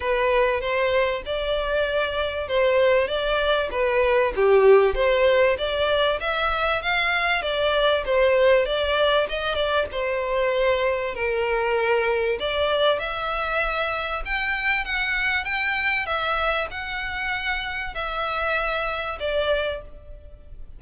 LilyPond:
\new Staff \with { instrumentName = "violin" } { \time 4/4 \tempo 4 = 97 b'4 c''4 d''2 | c''4 d''4 b'4 g'4 | c''4 d''4 e''4 f''4 | d''4 c''4 d''4 dis''8 d''8 |
c''2 ais'2 | d''4 e''2 g''4 | fis''4 g''4 e''4 fis''4~ | fis''4 e''2 d''4 | }